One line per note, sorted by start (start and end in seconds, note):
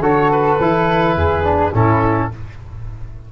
0.00 0.57 D3
0.00 0.59 F#4
0.00 1.17 A4
0.00 0.31 C#5
0.32 1.74 B4
0.59 1.15 E3
0.59 1.43 E4
1.15 1.72 E2
1.15 1.73 G#4
1.43 1.72 D4
1.73 2.30 A2
1.73 2.31 C#4
1.73 2.30 E4
1.73 2.32 A4